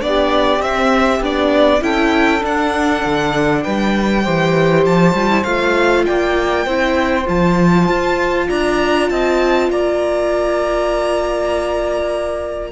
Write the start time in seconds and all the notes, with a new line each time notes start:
0.00 B3 D4 G4 D5
0.59 C4 E5
1.20 B3 D4 D5
1.81 C#4 E4 A4 G5
2.40 D4 F#5
3.05 D3
3.62 G3 B4 G5
4.23 E3 G4 C5
4.86 F3 A5
5.13 G3 F4
5.29 E4
5.44 A3 F4 F5
6.05 A#3 D5 G5
6.65 C4 E4 C5
7.25 F3 F4 A5
7.88 F4
8.48 D4 D5 A#5
9.09 C4 D#5 A5
9.70 A#3 D5 A#5